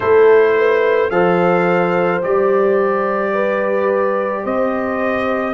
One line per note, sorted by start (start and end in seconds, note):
0.00 1.10 A3
0.00 1.10 E4
0.00 0.53 A4
0.00 1.09 C5
0.58 1.12 B4
1.09 2.21 F3
1.09 2.22 A4
1.09 3.33 C5
1.09 2.21 F5
2.22 4.44 G3
2.22 5.53 G4
2.22 4.45 D5
3.33 4.43 B4
4.43 5.53 C4
4.43 5.53 C5
4.43 5.53 D#5